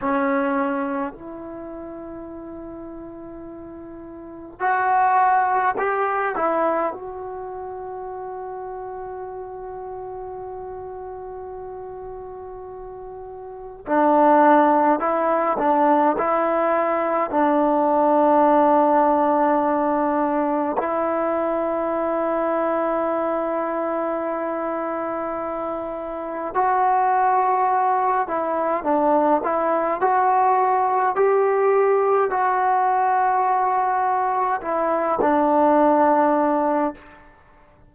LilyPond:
\new Staff \with { instrumentName = "trombone" } { \time 4/4 \tempo 4 = 52 cis'4 e'2. | fis'4 g'8 e'8 fis'2~ | fis'1 | d'4 e'8 d'8 e'4 d'4~ |
d'2 e'2~ | e'2. fis'4~ | fis'8 e'8 d'8 e'8 fis'4 g'4 | fis'2 e'8 d'4. | }